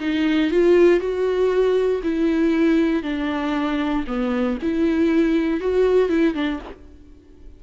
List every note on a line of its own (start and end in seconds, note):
0.00 0.51 D#4
0.51 1.00 F4
1.00 2.02 F#4
2.03 3.03 E4
3.03 4.05 D4
4.07 4.58 B3
4.62 5.60 E4
5.60 6.09 F#4
6.09 6.34 E4
6.34 6.60 D4